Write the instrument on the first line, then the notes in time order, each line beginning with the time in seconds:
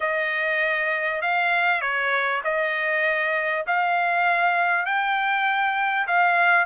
trumpet
0.00 D#5
1.21 F5
1.81 C#5
2.44 D#5
3.67 F5
4.85 G5
6.07 F5